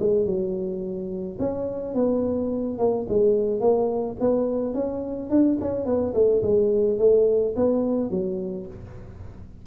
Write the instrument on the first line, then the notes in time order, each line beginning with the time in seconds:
tuba
0.00 G#3
0.26 F#3
1.40 C#4
1.95 B3
2.79 A#3
3.09 G#3
3.61 A#3
4.20 B3
4.74 C#4
5.30 D4
5.61 C#4
5.86 B3
6.14 A3
6.43 G#3
6.99 A3
7.56 B3
8.11 F#3